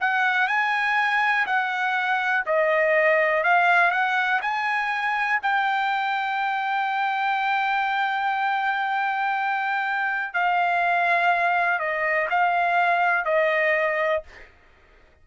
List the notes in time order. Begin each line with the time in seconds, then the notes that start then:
0.00 F#5
0.47 G#5
1.46 F#5
2.46 D#5
3.44 F5
3.91 F#5
4.42 G#5
5.42 G5
10.34 F5
11.79 D#5
12.30 F5
13.25 D#5